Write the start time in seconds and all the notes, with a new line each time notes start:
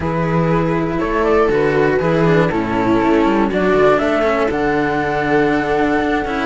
0.00 E3 E4 G#4 B4
0.99 A3 A4 C#5
1.23 D5
1.49 D3 F#4 B4
1.99 E3 E4 G#4
2.25 D4
2.49 A2 C#4 E4 A4
3.02 A3
3.25 G3
3.49 F#3 D4 F#4 D5
3.73 D3
3.98 A3 A4 E5
4.22 C#4
4.50 D3 D4 F#5
6.00 D4
6.24 C#4 E4